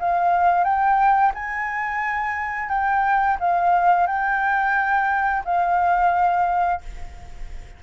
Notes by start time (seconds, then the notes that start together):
0.00 F5
0.64 G5
1.35 G#5
2.69 G5
3.40 F5
4.07 G5
5.45 F5